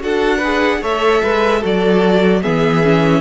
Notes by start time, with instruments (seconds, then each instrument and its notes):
0.00 cello D4, viola F#4, violin A4 F#5
0.38 viola G#4, violin B4
0.82 cello A3, viola A4, violin C#5 E5
1.24 cello G#3, violin B4
1.61 cello F#3, viola F#4, violin A4 D5
2.43 cello E3, viola B3, violin G#4 E5
2.83 viola C#4